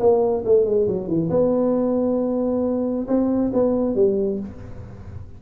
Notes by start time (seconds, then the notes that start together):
0.00 A#3
0.45 A3
0.65 G#3
0.88 F#3
1.08 E3
1.30 B3
3.08 C4
3.53 B3
3.95 G3